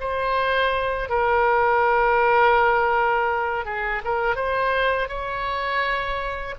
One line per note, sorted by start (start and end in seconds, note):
0.00 1.09 C5
1.09 3.65 A#4
3.65 4.02 G#4
4.04 4.35 A#4
4.35 5.08 C5
5.08 6.55 C#5